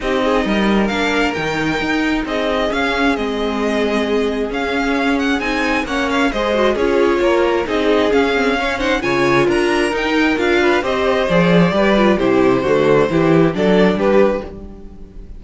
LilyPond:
<<
  \new Staff \with { instrumentName = "violin" } { \time 4/4 \tempo 4 = 133 dis''2 f''4 g''4~ | g''4 dis''4 f''4 dis''4~ | dis''2 f''4. fis''8 | gis''4 fis''8 f''8 dis''4 cis''4~ |
cis''4 dis''4 f''4. fis''8 | gis''4 ais''4 g''4 f''4 | dis''4 d''2 c''4~ | c''2 d''4 b'4 | }
  \new Staff \with { instrumentName = "violin" } { \time 4/4 g'8 gis'8 ais'2.~ | ais'4 gis'2.~ | gis'1~ | gis'4 cis''4 c''4 gis'4 |
ais'4 gis'2 cis''8 c''8 | cis''4 ais'2~ ais'8 b'8 | c''2 b'4 g'4 | fis'4 g'4 a'4 g'4 | }
  \new Staff \with { instrumentName = "viola" } { \time 4/4 dis'2 d'4 dis'4~ | dis'2 cis'4 c'4~ | c'2 cis'2 | dis'4 cis'4 gis'8 fis'8 f'4~ |
f'4 dis'4 cis'8 c'8 cis'8 dis'8 | f'2 dis'4 f'4 | g'4 gis'4 g'8 f'8 e'4 | a4 e'4 d'2 | }
  \new Staff \with { instrumentName = "cello" } { \time 4/4 c'4 g4 ais4 dis4 | dis'4 c'4 cis'4 gis4~ | gis2 cis'2 | c'4 ais4 gis4 cis'4 |
ais4 c'4 cis'2 | cis4 d'4 dis'4 d'4 | c'4 f4 g4 c4 | d4 e4 fis4 g4 | }
>>